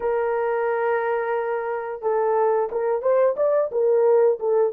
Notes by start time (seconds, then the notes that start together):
0.00 A#4
2.01 A4
2.72 A#4
3.02 C5
3.36 D5
3.71 A#4
4.39 A4